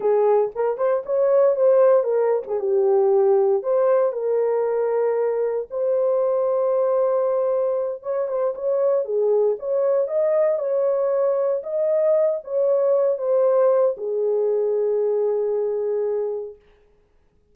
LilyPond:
\new Staff \with { instrumentName = "horn" } { \time 4/4 \tempo 4 = 116 gis'4 ais'8 c''8 cis''4 c''4 | ais'8. gis'16 g'2 c''4 | ais'2. c''4~ | c''2.~ c''8 cis''8 |
c''8 cis''4 gis'4 cis''4 dis''8~ | dis''8 cis''2 dis''4. | cis''4. c''4. gis'4~ | gis'1 | }